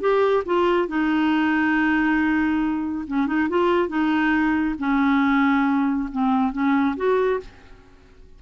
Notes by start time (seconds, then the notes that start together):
0.00 G4
0.45 F4
0.88 D#4
3.07 C#4
3.26 D#4
3.49 F4
3.88 D#4
4.78 C#4
6.11 C4
6.52 C#4
6.96 F#4